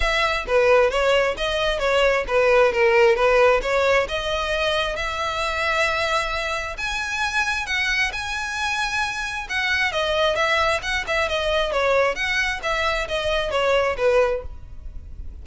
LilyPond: \new Staff \with { instrumentName = "violin" } { \time 4/4 \tempo 4 = 133 e''4 b'4 cis''4 dis''4 | cis''4 b'4 ais'4 b'4 | cis''4 dis''2 e''4~ | e''2. gis''4~ |
gis''4 fis''4 gis''2~ | gis''4 fis''4 dis''4 e''4 | fis''8 e''8 dis''4 cis''4 fis''4 | e''4 dis''4 cis''4 b'4 | }